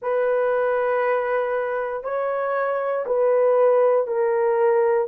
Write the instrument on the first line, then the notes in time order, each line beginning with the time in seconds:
horn
0.02 B4
2.03 C#5
3.06 B4
4.07 A#4